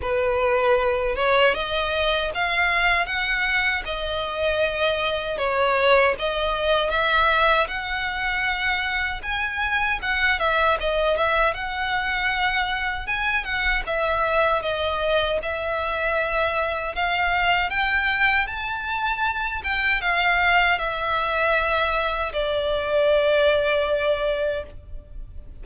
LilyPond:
\new Staff \with { instrumentName = "violin" } { \time 4/4 \tempo 4 = 78 b'4. cis''8 dis''4 f''4 | fis''4 dis''2 cis''4 | dis''4 e''4 fis''2 | gis''4 fis''8 e''8 dis''8 e''8 fis''4~ |
fis''4 gis''8 fis''8 e''4 dis''4 | e''2 f''4 g''4 | a''4. g''8 f''4 e''4~ | e''4 d''2. | }